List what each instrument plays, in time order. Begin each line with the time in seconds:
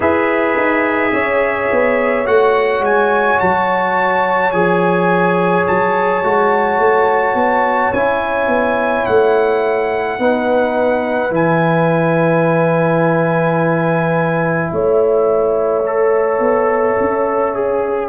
0.00 tuba E4, trombone G#4, horn B4, trumpet E5
0.55 tuba D#4
1.13 tuba C#4, horn C#5
1.71 tuba B3
2.25 tuba A3, trombone F#4, trumpet F#5
2.80 tuba G#3, trumpet G#5
3.40 tuba F#3, trumpet A5
4.51 tuba F3, trombone G#4, trumpet G#5
5.67 tuba F#3, trumpet A5
6.23 tuba G#3, trombone F#4
6.79 tuba A3
7.34 tuba B3
7.92 tuba C#4, trombone E4, trumpet G#5
8.47 tuba B3
9.05 tuba A3, trumpet F#5
10.18 tuba B3, trombone D#4, horn B4
11.30 tuba E3, trombone E4, trumpet G#5
14.71 tuba A3, horn C#5, trumpet E5
15.86 trombone A4
16.39 tuba B3
17.00 tuba C#4
17.54 trombone G#4